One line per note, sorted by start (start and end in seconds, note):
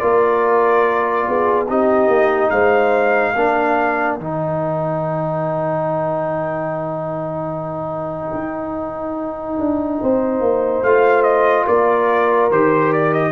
0.00 1.27 A#3
0.00 1.67 F4
0.00 1.27 A#4
0.00 1.67 D5
1.27 1.70 B3
1.27 1.68 G#4
1.68 2.08 C4
1.68 3.35 D#4
1.68 2.52 G4
1.68 2.51 D#5
2.08 2.50 A#3
2.51 3.34 G#3
2.51 3.35 C5
2.51 4.16 F5
3.35 4.18 A#3
3.35 4.20 D4
3.35 10.01 A#4
4.16 8.34 D#3
4.16 10.86 D#4
4.16 10.83 G5
8.34 9.59 D#4
9.59 10.01 D4
10.01 10.41 C4
10.01 11.67 C5
10.41 10.82 A#3
10.83 11.66 A3
10.83 12.52 F4
10.83 11.23 F5
11.23 11.65 D#5
11.67 12.51 A#3
11.67 13.32 A#4
11.67 12.51 D5
12.51 13.32 D#3
12.51 13.32 G4
12.51 12.93 C5
12.93 13.13 D5
13.13 13.32 D#5